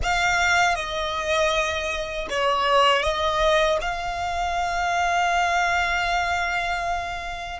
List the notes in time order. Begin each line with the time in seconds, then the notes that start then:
0.02 F5
0.75 D#5
2.30 C#5
3.02 D#5
3.81 F5